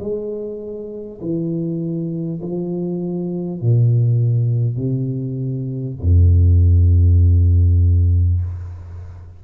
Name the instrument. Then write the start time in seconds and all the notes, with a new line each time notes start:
tuba
0.00 G#3
1.22 E3
2.42 F3
3.62 A#2
4.77 C3
6.02 F2